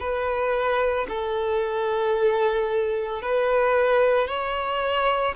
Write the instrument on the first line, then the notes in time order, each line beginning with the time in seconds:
violin
0.00 B4
1.09 A4
3.22 B4
4.28 C#5